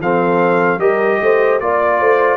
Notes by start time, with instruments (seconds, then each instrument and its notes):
0.00 tuba F3, trombone C4, horn A4, trumpet F5
0.78 tuba G3, trombone G4, horn A#4, trumpet D#5
1.21 tuba A3, horn C5
1.60 tuba A#3, trombone F4, trumpet D5, horn D5
2.01 tuba A3, horn C5